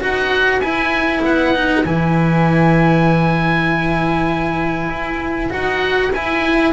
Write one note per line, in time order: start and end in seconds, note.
0.00 0.60 D#4
0.00 0.61 F#4
0.00 6.73 B4
0.00 0.60 F#5
0.60 1.21 E4
0.60 1.54 E4
0.60 1.22 G#5
1.23 1.84 B3
1.23 1.86 F#5
1.54 1.85 D#4
1.85 4.88 E3
1.85 5.50 E4
1.85 5.52 G#5
4.88 5.49 E4
5.50 6.12 D#4
5.50 6.11 F#4
5.50 6.13 F#5
6.12 6.73 E4
6.12 6.73 G#5